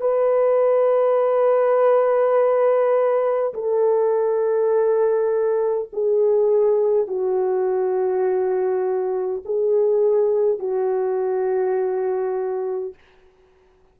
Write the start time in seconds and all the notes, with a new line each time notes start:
0.00 B4
3.53 A4
5.93 G#4
7.07 F#4
9.44 G#4
10.58 F#4